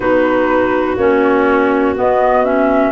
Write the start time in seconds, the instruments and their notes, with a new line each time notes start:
0.00 tuba B3, clarinet D#4 F#4, flute B4
0.97 tuba A#3, clarinet C#4, flute C#5
1.95 clarinet B3, tuba B3, flute D#5
2.44 clarinet C#4, flute E5